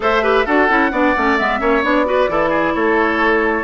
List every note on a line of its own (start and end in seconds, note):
0.00 0.45 A3
0.00 0.22 A4
0.00 0.22 C5
0.00 0.45 E5
0.22 0.45 G4
0.22 0.45 B4
0.45 0.69 D4
0.45 0.69 F#4
0.45 0.91 A4
0.45 1.37 F#5
0.69 0.91 C#4
0.69 0.92 E4
0.91 1.14 B3
0.91 1.15 D4
0.91 1.60 D5
1.16 1.39 A3
1.16 1.37 C#4
1.37 1.60 G#3
1.37 1.59 B3
1.37 1.83 E5
1.59 1.83 A#3
1.59 1.82 C#4
1.59 2.06 C#5
1.82 2.28 B3
1.82 2.05 D4
1.82 2.74 D5
2.05 2.28 F#4
2.05 2.30 B4
2.28 2.74 E3
2.28 3.64 E4
2.28 2.49 A4
2.49 2.72 G#4
2.74 3.64 A3
2.74 3.64 A4
2.74 3.64 C#5